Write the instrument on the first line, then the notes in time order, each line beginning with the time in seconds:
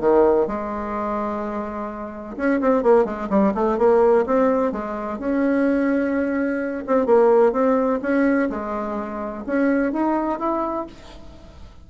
bassoon
0.00 D#3
0.47 G#3
2.37 C#4
2.61 C4
2.83 A#3
3.05 G#3
3.29 G3
3.54 A3
3.78 A#3
4.26 C4
4.72 G#3
5.19 C#4
6.86 C4
7.06 A#3
7.52 C4
8.02 C#4
8.50 G#3
9.46 C#4
9.92 D#4
10.39 E4